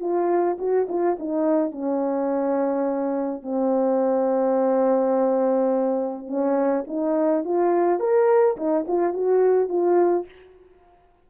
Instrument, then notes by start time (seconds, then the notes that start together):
horn
0.00 F4
0.58 F#4
0.89 F4
1.19 D#4
1.72 C#4
3.42 C4
6.27 C#4
6.87 D#4
7.44 F4
7.99 A#4
8.57 D#4
8.87 F4
9.14 F#4
9.69 F4